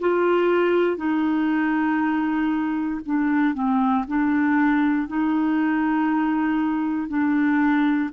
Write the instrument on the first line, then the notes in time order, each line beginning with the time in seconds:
clarinet
0.00 F4
0.97 D#4
3.06 D4
3.54 C4
4.08 D4
5.08 D#4
7.09 D4